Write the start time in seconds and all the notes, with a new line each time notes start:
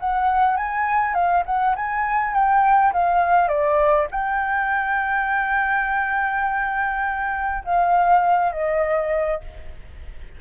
0.00 F#5
0.56 G#5
1.14 F5
1.46 F#5
1.76 G#5
2.34 G5
2.93 F5
3.48 D5
4.11 G5
7.65 F5
8.52 D#5